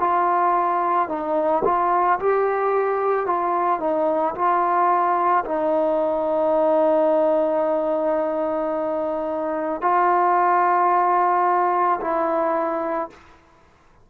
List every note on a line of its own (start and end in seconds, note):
0.00 1.09 F4
1.09 1.63 D#4
1.65 2.19 F4
2.20 3.27 G4
3.27 3.80 F4
3.80 4.35 D#4
4.35 5.44 F4
5.45 9.81 D#4
9.82 12.00 F4
12.01 13.10 E4